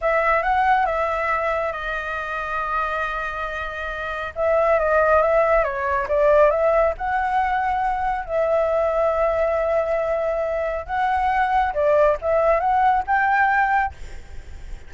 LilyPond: \new Staff \with { instrumentName = "flute" } { \time 4/4 \tempo 4 = 138 e''4 fis''4 e''2 | dis''1~ | dis''2 e''4 dis''4 | e''4 cis''4 d''4 e''4 |
fis''2. e''4~ | e''1~ | e''4 fis''2 d''4 | e''4 fis''4 g''2 | }